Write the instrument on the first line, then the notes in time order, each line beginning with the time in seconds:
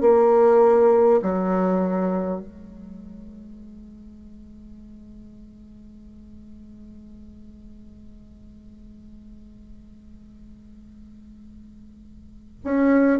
bassoon
0.00 A#3
1.22 F#3
2.40 G#3
12.64 C#4